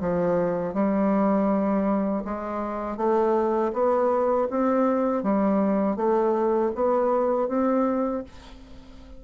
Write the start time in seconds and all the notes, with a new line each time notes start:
0.00 F3
0.74 G3
2.24 G#3
2.97 A3
3.73 B3
4.50 C4
5.23 G3
5.96 A3
6.75 B3
7.48 C4